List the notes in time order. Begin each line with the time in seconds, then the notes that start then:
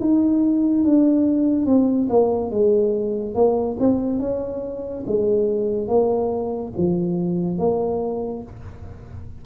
0.00 D#4
0.84 D4
1.66 C4
2.09 A#3
2.50 G#3
3.35 A#3
3.79 C4
4.19 C#4
5.06 G#3
5.88 A#3
6.77 F3
7.58 A#3